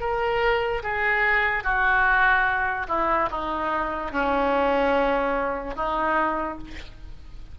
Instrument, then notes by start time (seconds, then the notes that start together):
oboe
0.00 A#4
0.83 G#4
1.63 F#4
2.88 E4
3.30 D#4
4.12 C#4
5.75 D#4